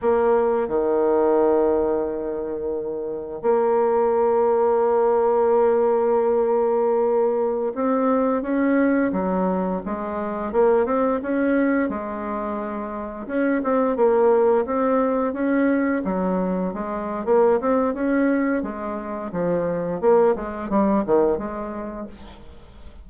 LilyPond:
\new Staff \with { instrumentName = "bassoon" } { \time 4/4 \tempo 4 = 87 ais4 dis2.~ | dis4 ais2.~ | ais2.~ ais16 c'8.~ | c'16 cis'4 fis4 gis4 ais8 c'16~ |
c'16 cis'4 gis2 cis'8 c'16~ | c'16 ais4 c'4 cis'4 fis8.~ | fis16 gis8. ais8 c'8 cis'4 gis4 | f4 ais8 gis8 g8 dis8 gis4 | }